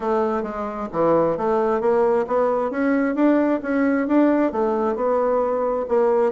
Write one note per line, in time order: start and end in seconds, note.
0.00 0.42 A3
0.42 0.88 G#3
0.92 1.37 E3
1.37 1.80 A3
1.80 2.25 A#3
2.27 2.70 B3
2.70 3.15 C#4
3.15 3.60 D4
3.62 4.07 C#4
4.07 4.52 D4
4.52 4.95 A3
4.95 5.86 B3
5.88 6.32 A#3